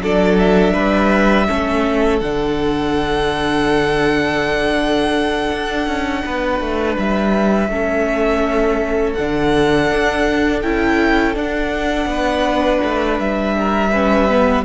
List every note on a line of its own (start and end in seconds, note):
0.00 0.73 F#3
0.00 1.47 D4
0.00 0.73 A4
0.00 0.39 D5
0.39 2.19 E5
0.73 1.48 G3
0.73 1.46 B4
1.47 2.21 A3
1.47 2.21 C#4
1.47 6.22 A4
2.19 5.50 D3
2.19 7.70 D4
2.19 6.95 F#5
5.52 5.87 D4
5.87 6.23 C#4
6.25 6.60 B3
6.25 7.70 B4
6.60 6.97 A3
6.98 7.68 G3
6.98 9.13 E5
7.68 9.14 A3
7.68 9.16 C#4
7.68 12.09 A4
9.13 9.91 D3
9.13 10.63 D4
9.13 10.59 F#5
9.91 10.63 D4
10.62 11.36 C#4
10.62 11.34 E4
10.62 11.35 G5
11.34 13.90 D4
11.34 12.05 D4
11.34 13.19 F#5
12.05 12.78 B3
12.05 13.56 B4
12.83 13.19 A3
13.19 14.64 G3
13.19 14.64 E5
13.59 13.91 A#4
13.91 14.30 C#4
13.91 14.64 B4
14.30 14.64 B3